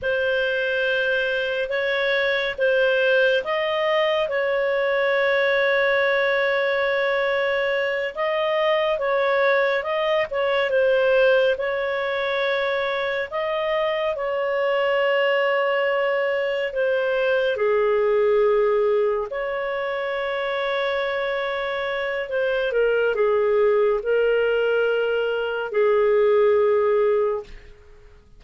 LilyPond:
\new Staff \with { instrumentName = "clarinet" } { \time 4/4 \tempo 4 = 70 c''2 cis''4 c''4 | dis''4 cis''2.~ | cis''4. dis''4 cis''4 dis''8 | cis''8 c''4 cis''2 dis''8~ |
dis''8 cis''2. c''8~ | c''8 gis'2 cis''4.~ | cis''2 c''8 ais'8 gis'4 | ais'2 gis'2 | }